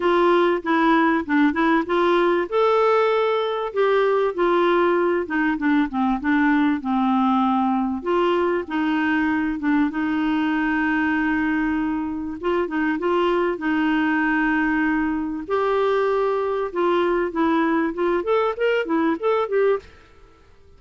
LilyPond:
\new Staff \with { instrumentName = "clarinet" } { \time 4/4 \tempo 4 = 97 f'4 e'4 d'8 e'8 f'4 | a'2 g'4 f'4~ | f'8 dis'8 d'8 c'8 d'4 c'4~ | c'4 f'4 dis'4. d'8 |
dis'1 | f'8 dis'8 f'4 dis'2~ | dis'4 g'2 f'4 | e'4 f'8 a'8 ais'8 e'8 a'8 g'8 | }